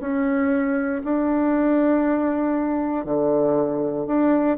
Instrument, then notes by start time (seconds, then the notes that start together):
bassoon
0.00 C#4
1.04 D4
3.05 D3
4.07 D4